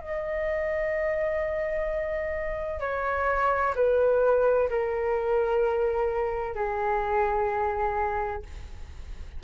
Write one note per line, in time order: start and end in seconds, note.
0.00 2.80 D#5
2.80 3.74 C#5
3.75 4.69 B4
4.70 6.55 A#4
6.55 8.42 G#4